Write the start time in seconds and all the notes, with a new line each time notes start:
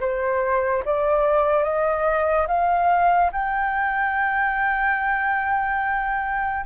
0.00 C5
0.85 D5
1.63 D#5
2.47 F5
3.32 G5